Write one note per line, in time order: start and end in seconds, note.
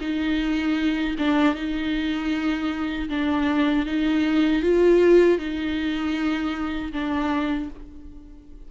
0.00 1.15 D#4
1.18 1.55 D4
1.55 3.08 D#4
3.09 3.86 D4
3.86 4.62 D#4
4.62 5.38 F4
5.38 6.92 D#4
6.92 7.69 D4